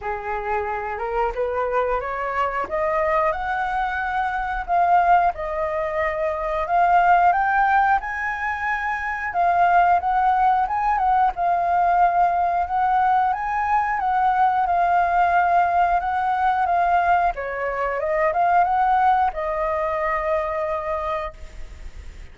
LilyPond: \new Staff \with { instrumentName = "flute" } { \time 4/4 \tempo 4 = 90 gis'4. ais'8 b'4 cis''4 | dis''4 fis''2 f''4 | dis''2 f''4 g''4 | gis''2 f''4 fis''4 |
gis''8 fis''8 f''2 fis''4 | gis''4 fis''4 f''2 | fis''4 f''4 cis''4 dis''8 f''8 | fis''4 dis''2. | }